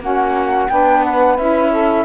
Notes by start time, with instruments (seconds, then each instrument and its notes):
0.00 cello A#3, saxophone C#4 F#4, flute F#5
0.69 cello B3, saxophone D4 B4, flute G5
1.03 flute F#5
1.37 cello C#4, saxophone E4, flute E5
1.71 saxophone A4